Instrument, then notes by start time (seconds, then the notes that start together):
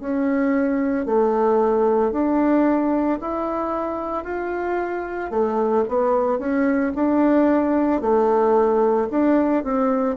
bassoon
0.00 C#4
1.06 A3
2.12 D4
3.21 E4
4.24 F4
5.30 A3
5.88 B3
6.39 C#4
6.95 D4
8.01 A3
9.11 D4
9.64 C4